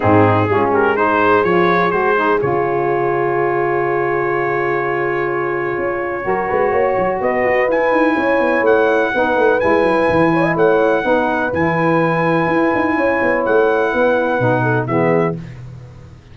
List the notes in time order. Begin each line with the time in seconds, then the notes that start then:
0.00 G#2 C4 D#4 G#4
0.48 G#3 C#4 F4
0.72 G4 A#4
0.96 D#4 G#4 C5
1.43 F3 F4 C#5
1.90 G#3 F#4 C5
2.15 D#4
2.40 C#3 F4 C#5
5.77 C#4
6.21 F#3 F#4 A#4
6.47 G#3 B4
6.71 A#3 C#5
6.98 F#3
7.20 B3 B4 D#5
7.44 F#4
7.68 E4 G#5
7.91 D#4
8.15 C#4 C#5
8.39 B3
8.61 A3 F#5
9.12 B3 D#4 B4
9.36 A3
9.59 G#3 E4 G#5
9.82 F#3
10.09 E3
10.33 C#5
10.42 D#5
10.55 A3 C#5 F#5
11.02 B3 D#4 B4
11.53 E3 E4 G#5
12.46 E4
12.74 D#4
12.96 C#4 C#5
13.21 B3
13.45 A3 F#5
13.92 B3 B4
14.38 B2 D#4
14.62 A4
14.86 E3 B3 G#4 E5